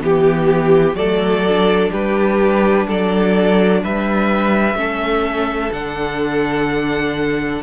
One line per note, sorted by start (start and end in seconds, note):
0.00 0.94 E3
0.00 0.95 B3
0.00 0.96 G4
0.00 0.95 G4
0.94 1.89 F#3
0.94 1.46 A3
0.94 1.91 A4
0.94 1.90 D5
1.48 4.75 D4
1.91 2.87 G3
1.91 2.87 G4
1.91 2.88 B4
2.87 3.83 F#3
2.87 3.82 A4
2.87 3.84 D5
3.83 4.75 G3
3.83 4.78 B4
3.83 5.73 E5
4.75 5.70 A3
4.75 5.71 C#4
4.75 7.62 A4
5.72 7.62 D3
5.72 7.62 D4
5.72 7.62 F#5